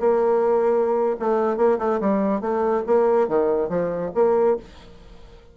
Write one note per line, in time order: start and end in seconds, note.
0.00 1.16 A#3
1.20 1.57 A3
1.57 1.78 A#3
1.79 2.00 A3
2.01 2.41 G3
2.41 2.83 A3
2.87 3.28 A#3
3.28 3.69 D#3
3.69 4.11 F3
4.15 4.57 A#3